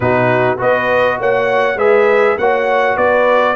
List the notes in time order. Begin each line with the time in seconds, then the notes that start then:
0.00 B2 D#4 F#4 B4
0.57 B3 F#4 B4 D#5
1.19 A#3 C#5 F#5
1.75 G#3 G#4 B4 E5
2.37 A#3 F#4 C#5 F#5
2.96 B3 B4 D5